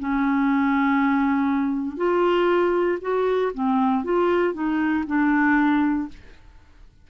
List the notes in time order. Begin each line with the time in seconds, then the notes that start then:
0.00 C#4
1.97 F4
3.01 F#4
3.54 C4
4.04 F4
4.54 D#4
5.07 D4